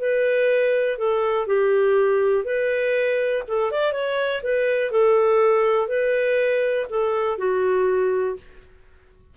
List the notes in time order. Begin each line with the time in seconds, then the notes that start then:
0.00 B4
0.98 A4
1.47 G4
2.45 B4
3.48 A4
3.72 D5
3.93 C#5
4.43 B4
4.92 A4
5.88 B4
6.90 A4
7.38 F#4